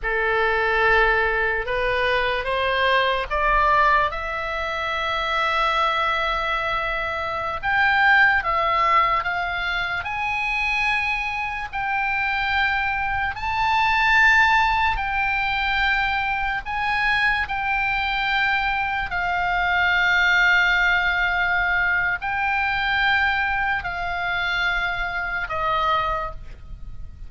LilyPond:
\new Staff \with { instrumentName = "oboe" } { \time 4/4 \tempo 4 = 73 a'2 b'4 c''4 | d''4 e''2.~ | e''4~ e''16 g''4 e''4 f''8.~ | f''16 gis''2 g''4.~ g''16~ |
g''16 a''2 g''4.~ g''16~ | g''16 gis''4 g''2 f''8.~ | f''2. g''4~ | g''4 f''2 dis''4 | }